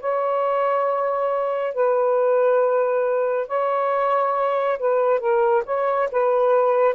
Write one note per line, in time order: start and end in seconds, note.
0.00 1.74 C#5
1.74 3.47 B4
3.47 4.78 C#5
4.79 5.20 B4
5.20 5.63 A#4
5.65 6.09 C#5
6.12 6.94 B4